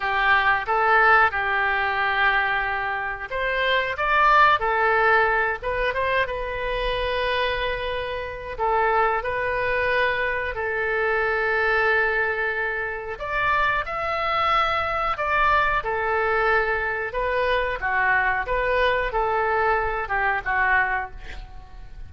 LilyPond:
\new Staff \with { instrumentName = "oboe" } { \time 4/4 \tempo 4 = 91 g'4 a'4 g'2~ | g'4 c''4 d''4 a'4~ | a'8 b'8 c''8 b'2~ b'8~ | b'4 a'4 b'2 |
a'1 | d''4 e''2 d''4 | a'2 b'4 fis'4 | b'4 a'4. g'8 fis'4 | }